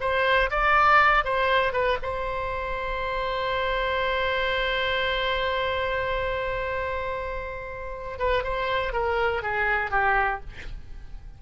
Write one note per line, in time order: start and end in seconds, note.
0.00 0.50 C5
0.50 1.24 D5
1.24 1.72 C5
1.72 1.97 B4
2.02 8.19 C5
8.19 8.43 B4
8.43 8.92 C5
8.92 9.42 A#4
9.42 9.91 G#4
9.91 10.40 G4